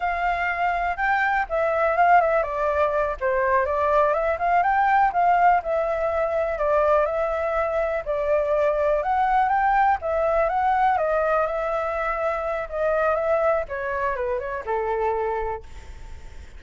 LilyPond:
\new Staff \with { instrumentName = "flute" } { \time 4/4 \tempo 4 = 123 f''2 g''4 e''4 | f''8 e''8 d''4. c''4 d''8~ | d''8 e''8 f''8 g''4 f''4 e''8~ | e''4. d''4 e''4.~ |
e''8 d''2 fis''4 g''8~ | g''8 e''4 fis''4 dis''4 e''8~ | e''2 dis''4 e''4 | cis''4 b'8 cis''8 a'2 | }